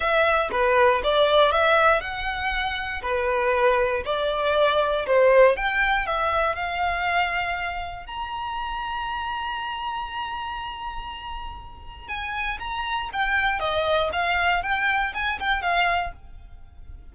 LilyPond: \new Staff \with { instrumentName = "violin" } { \time 4/4 \tempo 4 = 119 e''4 b'4 d''4 e''4 | fis''2 b'2 | d''2 c''4 g''4 | e''4 f''2. |
ais''1~ | ais''1 | gis''4 ais''4 g''4 dis''4 | f''4 g''4 gis''8 g''8 f''4 | }